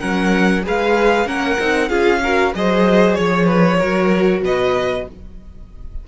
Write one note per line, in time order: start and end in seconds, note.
0.00 0.66 F#3
0.00 0.63 C#4
0.00 0.64 A#4
0.00 0.63 F#5
0.63 1.26 G#3
0.63 1.26 G#4
0.63 1.27 B4
0.63 1.28 F5
1.26 1.57 A#3
1.26 1.57 C#4
1.26 1.89 A#4
1.26 1.89 F#5
1.59 1.91 C4
1.59 1.90 D#4
1.89 2.54 C#4
1.89 2.21 F4
1.89 2.20 G#4
1.89 2.52 F5
2.23 2.54 F#4
2.23 2.55 A#4
2.54 3.18 F#3
2.54 3.79 G#4
2.54 3.18 C5
2.54 3.14 D#5
3.14 3.82 F3
3.14 4.41 C#5
3.14 3.46 C#5
3.46 3.77 B4
3.79 4.43 F#3
3.79 5.05 F#4
3.79 4.42 A#4
4.43 5.06 B2
4.43 5.08 B4
4.43 5.08 D#5